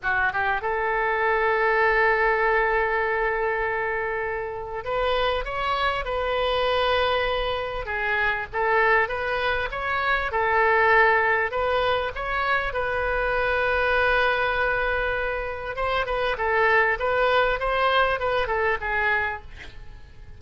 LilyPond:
\new Staff \with { instrumentName = "oboe" } { \time 4/4 \tempo 4 = 99 fis'8 g'8 a'2.~ | a'1 | b'4 cis''4 b'2~ | b'4 gis'4 a'4 b'4 |
cis''4 a'2 b'4 | cis''4 b'2.~ | b'2 c''8 b'8 a'4 | b'4 c''4 b'8 a'8 gis'4 | }